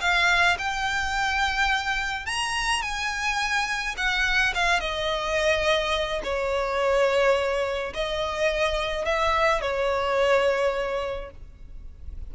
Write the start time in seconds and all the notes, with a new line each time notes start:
0.00 F5
0.58 G5
2.26 A#5
2.82 G#5
3.97 F#5
4.54 F5
4.80 D#5
6.23 C#5
7.93 D#5
9.05 E5
9.61 C#5